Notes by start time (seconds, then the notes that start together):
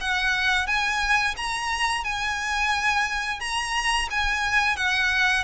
0.00 F#5
0.66 G#5
1.36 A#5
2.03 G#5
3.40 A#5
4.10 G#5
4.76 F#5